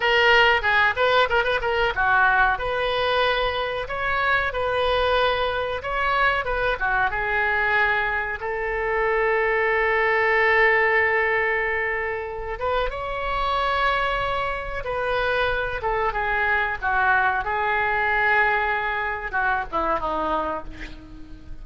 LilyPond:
\new Staff \with { instrumentName = "oboe" } { \time 4/4 \tempo 4 = 93 ais'4 gis'8 b'8 ais'16 b'16 ais'8 fis'4 | b'2 cis''4 b'4~ | b'4 cis''4 b'8 fis'8 gis'4~ | gis'4 a'2.~ |
a'2.~ a'8 b'8 | cis''2. b'4~ | b'8 a'8 gis'4 fis'4 gis'4~ | gis'2 fis'8 e'8 dis'4 | }